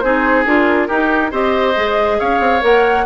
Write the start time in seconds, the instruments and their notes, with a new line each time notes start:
0.00 bassoon C4, clarinet D#4, oboe G#4, flute C5
0.45 bassoon D4, clarinet F4, flute A#4
0.88 bassoon D#4, clarinet D#4, oboe G4
1.31 bassoon C4, clarinet G4, oboe C5, flute D#5
1.75 bassoon G#3, clarinet G#4
2.19 bassoon C#4, oboe C#5, flute F5
2.40 bassoon C4
2.60 bassoon A#3, clarinet A#4, flute F#5